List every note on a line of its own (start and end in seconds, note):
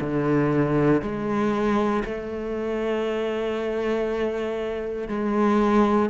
0.00 1.02 D3
1.02 2.03 G#3
2.04 5.08 A3
5.08 6.09 G#3